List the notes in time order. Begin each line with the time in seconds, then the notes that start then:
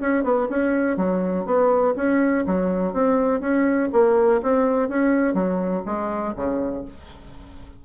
0.00 C#4
0.23 B3
0.49 C#4
0.96 F#3
1.45 B3
1.96 C#4
2.46 F#3
2.93 C4
3.40 C#4
3.92 A#3
4.42 C4
4.88 C#4
5.33 F#3
5.85 G#3
6.35 C#3